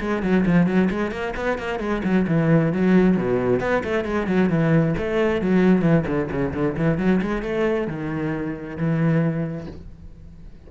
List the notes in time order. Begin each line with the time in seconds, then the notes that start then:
0.00 G#3
0.22 F#3
0.46 F3
0.66 F#3
0.90 G#3
1.11 A#3
1.36 B3
1.58 A#3
1.79 G#3
2.04 F#3
2.27 E3
2.73 F#3
3.17 B2
3.60 B3
3.84 A3
4.05 G#3
4.27 F#3
4.49 E3
4.97 A3
5.41 F#3
5.82 E3
6.07 D3
6.31 C#3
6.54 D3
6.77 E3
6.98 F#3
7.21 G#3
7.42 A3
7.87 D#3
8.77 E3